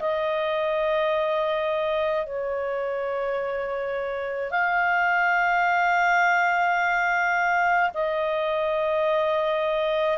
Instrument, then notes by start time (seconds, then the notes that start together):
clarinet
0.00 D#5
2.26 C#5
4.51 F5
7.94 D#5